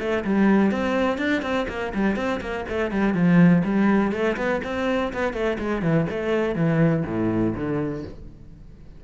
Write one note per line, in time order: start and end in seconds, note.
0.00 0.24 A3
0.25 0.72 G3
0.72 1.18 C4
1.18 1.43 D4
1.43 1.67 C4
1.69 1.93 A#3
1.95 2.16 G3
2.16 2.41 C4
2.41 2.66 A#3
2.69 2.92 A3
2.92 3.14 G3
3.14 3.63 F3
3.65 4.12 G3
4.12 4.37 A3
4.37 4.62 B3
4.65 5.13 C4
5.14 5.33 B3
5.33 5.58 A3
5.59 5.82 G#3
5.82 6.07 E3
6.10 6.56 A3
6.56 7.04 E3
7.06 7.55 A2
7.55 8.04 D3